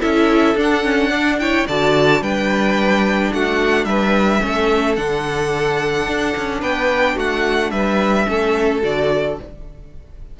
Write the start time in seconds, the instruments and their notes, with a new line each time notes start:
0.00 cello C#4, viola E4, violin A4 E5
0.55 cello D4, viola D4, violin F#5
0.83 viola C#4
1.09 viola D4, violin D5
1.39 viola E4, violin C#5 G5
1.67 cello D3, viola F#4, violin D5 A5
2.21 cello G3, viola D4, violin B4 G5
3.33 cello A3, violin F#4 F#5
3.85 cello G3, violin B4 E5
4.40 cello A3, viola C#4, violin A4
4.96 cello D3, viola D4, violin F#5
6.07 cello D4
6.37 cello C#4
6.61 cello B3, violin B4 G5
7.15 cello A3, violin F#4 F#5
7.71 cello G3, violin B4 E5
8.27 cello A3, viola C#4, violin A4
8.82 cello D3, viola F#4, violin D5